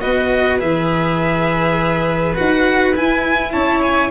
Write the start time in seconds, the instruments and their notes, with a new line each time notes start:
0.00 tuba B3, cello F#4, viola B4, violin D#5
0.59 tuba E3, cello G#4, violin E5
2.35 tuba D#4, cello F#4, violin F#5
2.95 cello E4, tuba E4, violin G#5
3.52 tuba C#4, viola C#5, violin A5
3.82 violin G#5